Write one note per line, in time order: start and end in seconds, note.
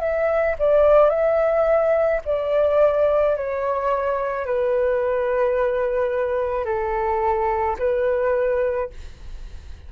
0.00 0.56 E5
0.60 1.10 D5
1.10 2.21 E5
2.26 3.37 D5
3.37 4.46 C#5
4.46 6.66 B4
6.66 7.77 A4
7.79 8.90 B4